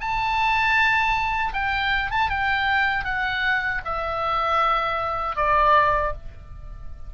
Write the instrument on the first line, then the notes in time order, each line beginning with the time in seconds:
oboe
0.00 A5
1.53 G5
2.10 A5
2.29 G5
3.04 F#5
3.85 E5
5.36 D5